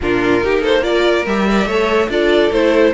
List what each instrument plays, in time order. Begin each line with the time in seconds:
0.01 cello A#2, viola D4, violin F4 A#4
0.41 cello A#3, viola D#4, violin G4
0.60 violin A4 C5
0.81 viola F4, violin A#4 D5
1.25 cello G3, viola G4, violin E5
1.47 viola A#4, violin D5
1.66 cello A3, viola A4, violin C#5
2.08 cello D4, viola F4, violin A4 D5
2.51 cello A3, viola E4, violin C5